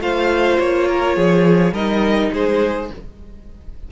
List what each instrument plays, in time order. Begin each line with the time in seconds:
0.00 cello A3, viola F4, violin C5 F5
0.59 cello A#3, violin C#5
0.87 violin A#4
1.16 cello F3, violin G#4
1.72 cello G3, viola D#4, violin A#4 D#5
2.32 cello G#3, violin G#4 C5